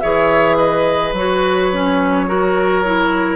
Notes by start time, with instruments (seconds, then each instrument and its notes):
0.00 bassoon E3, clarinet G#4, oboe C#5, flute E5
0.57 oboe B4, flute D#5
1.12 bassoon F#3, clarinet F#4, flute C#5
1.72 clarinet C#4
2.27 clarinet F#4, oboe A#4
2.84 clarinet E4